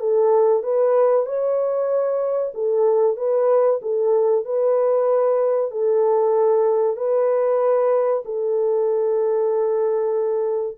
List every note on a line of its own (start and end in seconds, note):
0.00 0.63 A4
0.63 1.26 B4
1.26 2.52 C#5
2.54 3.17 A4
3.17 3.80 B4
3.82 4.45 A4
4.45 5.71 B4
5.71 6.97 A4
6.97 8.23 B4
8.25 10.78 A4